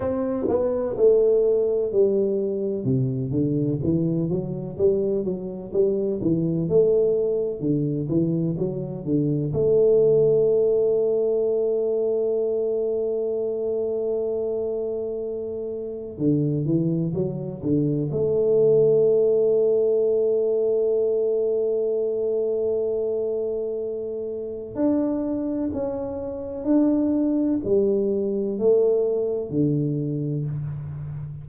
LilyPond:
\new Staff \with { instrumentName = "tuba" } { \time 4/4 \tempo 4 = 63 c'8 b8 a4 g4 c8 d8 | e8 fis8 g8 fis8 g8 e8 a4 | d8 e8 fis8 d8 a2~ | a1~ |
a4 d8 e8 fis8 d8 a4~ | a1~ | a2 d'4 cis'4 | d'4 g4 a4 d4 | }